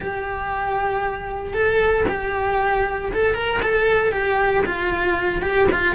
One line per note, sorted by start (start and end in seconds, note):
0.00 1.53 G4
1.53 2.05 A4
2.08 3.12 G4
3.12 3.34 A4
3.34 3.60 A#4
3.62 4.12 A4
4.12 4.63 G4
4.65 5.42 F4
5.42 5.68 G4
5.71 5.95 F4